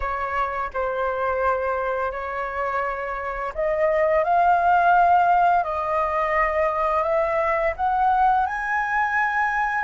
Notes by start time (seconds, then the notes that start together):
0.00 C#5
0.73 C5
2.11 C#5
3.54 D#5
4.24 F5
5.63 D#5
7.03 E5
7.76 F#5
8.46 G#5